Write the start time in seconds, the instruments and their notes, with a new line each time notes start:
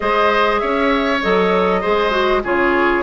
0.00 bassoon G#3, clarinet G#4, oboe C5, flute D#5
0.58 bassoon C#4, oboe C#5, flute E5
1.21 bassoon F#3, clarinet A4, flute D#5
1.81 bassoon G#3, clarinet G#4, oboe C5
2.10 clarinet F#4
2.43 bassoon C#3, clarinet F4, oboe G#4, flute C#5